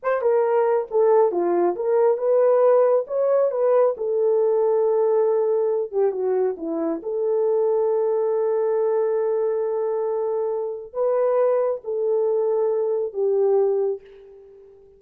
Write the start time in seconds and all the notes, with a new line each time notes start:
0.02 C5
0.21 A#4
0.90 A4
1.31 F4
1.75 A#4
2.17 B4
3.07 C#5
3.51 B4
3.97 A4
5.91 G4
6.11 F#4
6.57 E4
7.03 A4
10.93 B4
11.83 A4
13.13 G4